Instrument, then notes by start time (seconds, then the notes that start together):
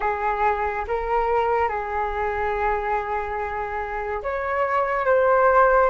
flute
0.00 G#4
0.87 A#4
1.68 G#4
4.23 C#5
5.05 C5